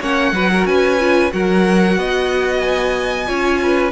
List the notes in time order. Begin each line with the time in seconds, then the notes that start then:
0.00 A#3 C#4 C#5 F#5
0.32 F#3 F#4 B4
0.52 A#4
0.65 C#4 B4 G#5
0.99 F4
1.30 F#3 F#4 A#4 F#5
1.97 B3 D#5
2.60 G#5
3.26 C#4 F4 C#5
3.62 B4